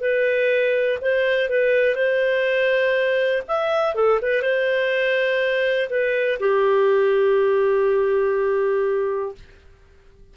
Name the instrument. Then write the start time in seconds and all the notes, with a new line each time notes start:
clarinet
0.00 B4
1.01 C5
1.49 B4
1.95 C5
3.47 E5
3.95 A4
4.21 B4
4.42 C5
5.89 B4
6.39 G4